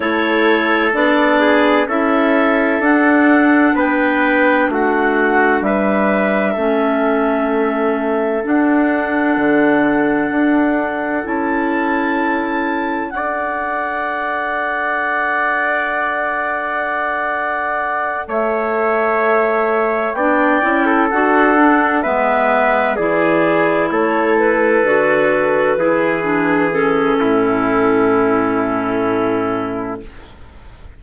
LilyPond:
<<
  \new Staff \with { instrumentName = "clarinet" } { \time 4/4 \tempo 4 = 64 cis''4 d''4 e''4 fis''4 | g''4 fis''4 e''2~ | e''4 fis''2. | a''2 fis''2~ |
fis''2.~ fis''8 e''8~ | e''4. g''4 fis''4 e''8~ | e''8 d''4 cis''8 b'2~ | b'8 a'2.~ a'8 | }
  \new Staff \with { instrumentName = "trumpet" } { \time 4/4 a'4. gis'8 a'2 | b'4 fis'4 b'4 a'4~ | a'1~ | a'2 d''2~ |
d''2.~ d''8 cis''8~ | cis''4. d''8. a'4~ a'16 b'8~ | b'8 gis'4 a'2 gis'8~ | gis'4 e'2. | }
  \new Staff \with { instrumentName = "clarinet" } { \time 4/4 e'4 d'4 e'4 d'4~ | d'2. cis'4~ | cis'4 d'2. | e'2 a'2~ |
a'1~ | a'4. d'8 e'8 fis'8 d'8 b8~ | b8 e'2 fis'4 e'8 | d'8 cis'2.~ cis'8 | }
  \new Staff \with { instrumentName = "bassoon" } { \time 4/4 a4 b4 cis'4 d'4 | b4 a4 g4 a4~ | a4 d'4 d4 d'4 | cis'2 d'2~ |
d'2.~ d'8 a8~ | a4. b8 cis'8 d'4 gis8~ | gis8 e4 a4 d4 e8~ | e4 a,2. | }
>>